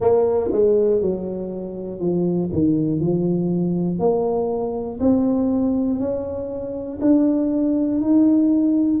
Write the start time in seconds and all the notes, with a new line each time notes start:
0.00 A#3
0.51 G#3
1.00 F#3
2.00 F3
2.52 D#3
3.00 F3
3.99 A#3
5.00 C4
6.00 C#4
7.01 D4
8.00 D#4